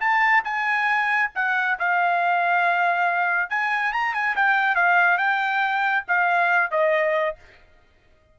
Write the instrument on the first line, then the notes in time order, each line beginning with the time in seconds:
trumpet
0.00 A5
0.44 G#5
1.35 F#5
1.79 F5
3.50 G#5
3.92 A#5
4.14 G#5
4.36 G5
4.75 F5
5.18 G5
6.08 F5
6.71 D#5